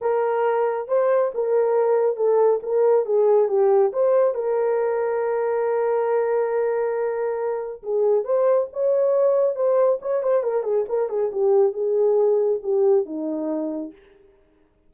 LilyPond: \new Staff \with { instrumentName = "horn" } { \time 4/4 \tempo 4 = 138 ais'2 c''4 ais'4~ | ais'4 a'4 ais'4 gis'4 | g'4 c''4 ais'2~ | ais'1~ |
ais'2 gis'4 c''4 | cis''2 c''4 cis''8 c''8 | ais'8 gis'8 ais'8 gis'8 g'4 gis'4~ | gis'4 g'4 dis'2 | }